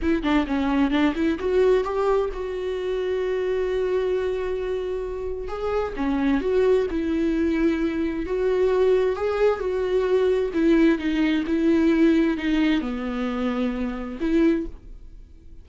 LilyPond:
\new Staff \with { instrumentName = "viola" } { \time 4/4 \tempo 4 = 131 e'8 d'8 cis'4 d'8 e'8 fis'4 | g'4 fis'2.~ | fis'1 | gis'4 cis'4 fis'4 e'4~ |
e'2 fis'2 | gis'4 fis'2 e'4 | dis'4 e'2 dis'4 | b2. e'4 | }